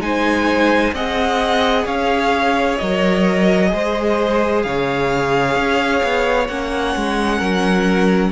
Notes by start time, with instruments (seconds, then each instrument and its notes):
0.00 cello G#3, viola D#4, violin C5 G#5
0.93 cello C4, viola G#4, violin D#5 F#5
1.85 cello C#4, violin C#5 F5
2.78 cello F#3, viola A#4, violin D#5
3.68 cello G#3, viola G#4, violin C5
4.63 cello C#3, violin C#5 F5
5.56 cello C#4
6.04 cello B3
6.47 cello A#3, viola C#4, violin F#5
6.96 cello G#3
7.38 cello F#3, violin A#4